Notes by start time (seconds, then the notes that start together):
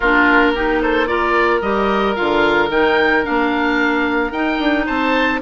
0.00 A#3 D4 F4 A#4
0.55 D#4 G4
0.81 A4 C5
1.06 F4 A#4 D5
1.61 G3 G4 D#5
2.15 D3 F4 F5
2.69 D#3 D#4 G5
3.23 A#3 D4 F5
4.31 D#4 G5
4.58 D4
4.85 C4 C5 A5